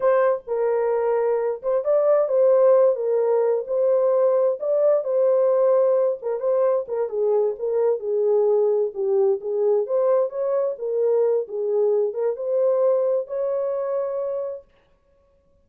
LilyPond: \new Staff \with { instrumentName = "horn" } { \time 4/4 \tempo 4 = 131 c''4 ais'2~ ais'8 c''8 | d''4 c''4. ais'4. | c''2 d''4 c''4~ | c''4. ais'8 c''4 ais'8 gis'8~ |
gis'8 ais'4 gis'2 g'8~ | g'8 gis'4 c''4 cis''4 ais'8~ | ais'4 gis'4. ais'8 c''4~ | c''4 cis''2. | }